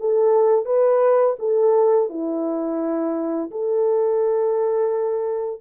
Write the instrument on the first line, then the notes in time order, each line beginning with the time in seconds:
horn
0.00 A4
0.65 B4
1.39 A4
2.10 E4
3.51 A4